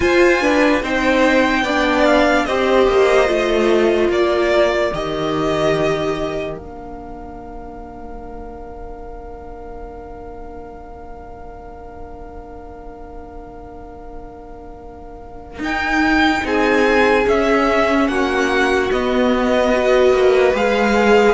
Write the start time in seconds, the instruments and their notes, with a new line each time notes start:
0.00 viola F4, cello F4, violin C5 G#5
0.40 viola D4, violin B4
0.82 cello C4, viola D#4, violin C5 G5
1.62 cello B3, viola D4, violin D5
2.04 violin F5
2.45 cello C4, viola G4, violin C5 D#5
2.87 cello A#3
3.27 cello A3, viola F4
4.08 cello A#3, violin A#4 D5
4.93 cello D#3, viola G4, violin D#5
6.56 cello A#3, viola D4, violin F5
15.59 cello D#4, viola D#4, violin G5
16.43 cello C4, violin G#4 G#5
17.25 viola C#4, cello C#4, violin E5
18.08 cello A#3, violin F#4 F#5
18.91 cello B3, viola B3, violin D#5
19.73 viola F#4, violin B4
20.12 cello A#3
20.53 cello G#3, viola G#4, violin F5